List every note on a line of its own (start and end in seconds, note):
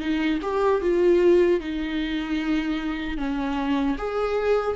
0.00 0.39 D#4
0.42 0.81 G4
0.81 1.60 F4
1.60 3.18 D#4
3.18 3.97 C#4
3.98 4.77 G#4